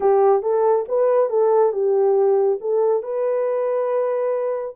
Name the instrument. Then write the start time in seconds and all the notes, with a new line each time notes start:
horn
0.00 G4
0.42 A4
0.88 B4
1.29 A4
1.72 G4
2.61 A4
3.02 B4